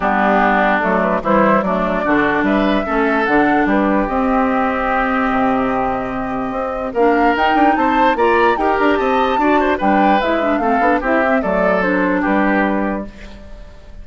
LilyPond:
<<
  \new Staff \with { instrumentName = "flute" } { \time 4/4 \tempo 4 = 147 g'2 a'8 b'8 c''4 | d''2 e''2 | fis''4 b'4 dis''2~ | dis''1~ |
dis''4 f''4 g''4 a''4 | ais''4 g''8 ais''8 a''2 | g''4 e''4 f''4 e''4 | d''4 c''4 b'2 | }
  \new Staff \with { instrumentName = "oboe" } { \time 4/4 d'2. e'4 | d'4 fis'4 b'4 a'4~ | a'4 g'2.~ | g'1~ |
g'4 ais'2 c''4 | d''4 ais'4 dis''4 d''8 c''8 | b'2 a'4 g'4 | a'2 g'2 | }
  \new Staff \with { instrumentName = "clarinet" } { \time 4/4 b2 a4 g4 | a4 d'2 cis'4 | d'2 c'2~ | c'1~ |
c'4 d'4 dis'2 | f'4 g'2 fis'4 | d'4 e'8 d'8 c'8 d'8 e'8 c'8 | a4 d'2. | }
  \new Staff \with { instrumentName = "bassoon" } { \time 4/4 g2 fis4 e4 | fis4 d4 g4 a4 | d4 g4 c'2~ | c'4 c2. |
c'4 ais4 dis'8 d'8 c'4 | ais4 dis'8 d'8 c'4 d'4 | g4 gis4 a8 b8 c'4 | fis2 g2 | }
>>